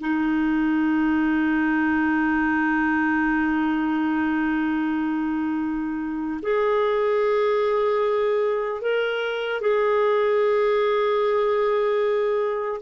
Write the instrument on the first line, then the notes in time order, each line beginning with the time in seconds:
clarinet
0.00 D#4
6.42 G#4
8.81 A#4
9.61 G#4